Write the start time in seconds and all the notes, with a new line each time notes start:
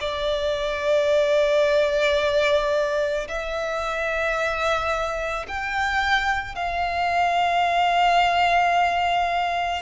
0.00 D5
3.27 E5
5.47 G5
6.55 F5